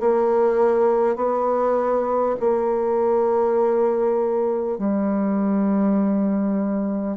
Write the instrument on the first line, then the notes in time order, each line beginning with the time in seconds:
bassoon
0.00 A#3
1.16 B3
2.40 A#3
4.78 G3